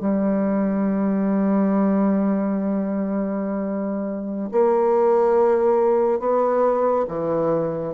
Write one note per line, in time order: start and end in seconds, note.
0.00 4.50 G3
4.52 6.19 A#3
6.19 7.05 B3
7.08 7.94 E3